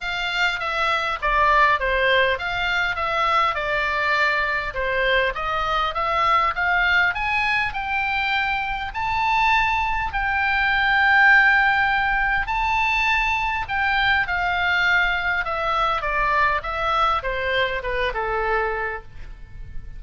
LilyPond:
\new Staff \with { instrumentName = "oboe" } { \time 4/4 \tempo 4 = 101 f''4 e''4 d''4 c''4 | f''4 e''4 d''2 | c''4 dis''4 e''4 f''4 | gis''4 g''2 a''4~ |
a''4 g''2.~ | g''4 a''2 g''4 | f''2 e''4 d''4 | e''4 c''4 b'8 a'4. | }